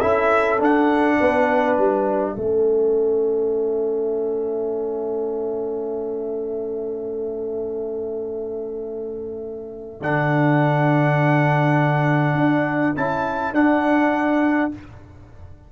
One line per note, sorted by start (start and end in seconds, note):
0.00 0.60 C#4
0.00 0.59 E4
0.00 1.18 A4
0.00 0.59 E5
0.59 2.36 D4
0.59 1.19 D4
0.59 1.76 F#5
1.20 1.78 B3
1.20 2.34 B4
1.76 2.37 G3
1.76 10.00 E5
2.34 10.01 A3
2.34 10.00 C#4
2.34 14.69 A4
10.01 12.35 D3
10.01 12.96 D4
10.01 12.97 F#5
12.35 12.94 D4
12.96 13.52 C#4
12.96 13.54 E4
12.96 13.54 A5
13.52 14.70 D4
13.52 14.71 D4
13.52 14.72 F#5